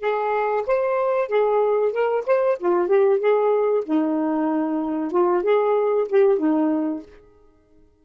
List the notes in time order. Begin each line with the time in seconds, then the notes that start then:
0.00 G#4
0.66 C5
1.28 G#4
1.92 A#4
2.26 C5
2.59 F4
2.88 G4
3.20 G#4
3.86 D#4
5.12 F4
5.43 G#4
6.08 G4
6.38 D#4